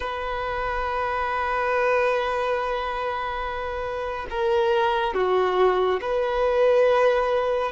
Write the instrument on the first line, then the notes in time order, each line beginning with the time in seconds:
violin
0.00 B4
4.29 A#4
5.14 F#4
6.01 B4